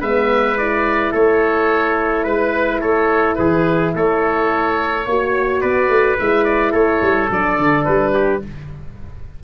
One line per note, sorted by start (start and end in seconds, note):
0.00 1.13 G#3
0.00 0.57 B3
0.00 1.12 B4
0.00 0.58 E5
0.57 5.06 E4
0.57 1.14 D5
1.12 2.26 A3
1.12 2.24 A4
1.12 2.26 C#5
2.24 2.81 G#3
2.24 2.80 B4
2.24 2.81 B4
2.81 3.37 A3
2.81 3.37 A4
2.81 3.35 C#5
3.35 3.95 E3
3.35 3.95 G#4
3.35 3.91 B4
3.95 5.07 A3
3.95 5.06 A4
3.95 5.60 C#5
5.06 5.63 A#3
5.06 6.20 F#4
5.06 5.61 C#5
5.60 5.89 B3
5.60 6.72 B4
5.60 6.16 D5
5.89 6.17 A3
6.19 6.73 G#3
6.19 7.30 E4
6.19 6.45 E5
6.45 6.73 D5
6.72 7.01 A3
6.72 8.12 A4
6.72 7.30 C#5
7.02 7.30 G3
7.30 7.58 F#3
7.30 8.42 D4
7.30 7.84 D5
7.58 7.86 D3
7.84 8.44 G3
7.84 8.40 B4
8.14 8.42 G4